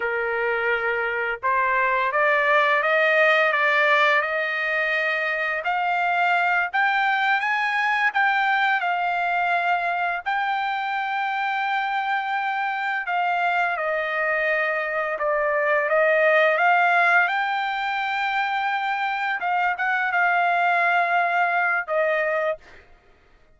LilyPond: \new Staff \with { instrumentName = "trumpet" } { \time 4/4 \tempo 4 = 85 ais'2 c''4 d''4 | dis''4 d''4 dis''2 | f''4. g''4 gis''4 g''8~ | g''8 f''2 g''4.~ |
g''2~ g''8 f''4 dis''8~ | dis''4. d''4 dis''4 f''8~ | f''8 g''2. f''8 | fis''8 f''2~ f''8 dis''4 | }